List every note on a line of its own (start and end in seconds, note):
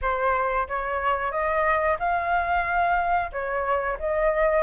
0.01 0.67 C5
0.67 1.31 C#5
1.31 1.97 D#5
1.99 3.31 F5
3.31 3.97 C#5
3.99 4.63 D#5